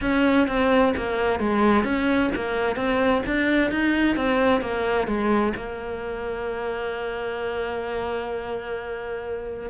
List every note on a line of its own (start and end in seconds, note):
0.01 0.47 C#4
0.47 0.93 C4
0.96 1.39 A#3
1.39 1.84 G#3
1.84 2.30 C#4
2.35 2.76 A#3
2.76 3.22 C4
3.26 3.70 D4
3.70 4.16 D#4
4.16 4.61 C4
4.61 5.07 A#3
5.07 5.53 G#3
5.56 9.69 A#3